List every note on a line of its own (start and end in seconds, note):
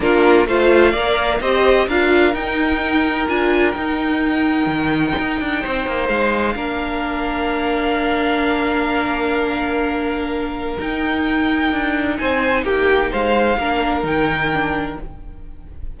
0.00 0.46 A#3
0.00 0.47 D4
0.00 0.47 F4
0.00 0.47 A#4
0.46 0.93 A3
0.46 0.95 F4
0.46 0.91 C5
0.46 1.41 F5
0.91 1.40 A#3
0.91 1.41 A#4
0.91 1.38 D5
1.40 1.87 C4
1.40 1.88 G4
1.40 1.87 C5
1.40 1.88 D#5
1.87 2.33 D4
1.87 2.33 F4
1.87 5.61 A#4
1.87 2.34 F5
2.33 3.26 D#4
2.33 3.27 D#4
2.33 3.28 G5
3.28 3.75 D4
3.28 3.74 F4
3.28 3.71 G#5
3.71 4.66 D#4
3.71 6.55 D#4
3.71 6.06 G5
4.66 5.13 D#3
5.18 5.40 D#4
5.40 5.63 D4
5.61 5.86 C4
5.61 6.54 C5
5.86 6.08 A#3
6.08 6.55 G#3
6.08 10.77 F5
6.55 10.77 A#3
6.55 10.76 D4
6.55 12.18 A#4
10.79 13.60 D#4
10.79 11.72 D#4
10.79 12.17 G5
11.72 12.19 D4
12.17 12.63 C4
12.17 12.64 C5
12.17 12.64 G#5
12.63 13.10 A#3
12.63 13.11 G4
12.63 13.11 G5
13.11 13.57 G#3
13.11 13.58 C5
13.11 14.05 F5
13.57 14.03 A#3
13.57 14.03 D4
13.57 15.00 A#4
14.03 14.97 D#3
14.03 14.50 D#4
14.03 14.99 G5
14.53 15.00 D4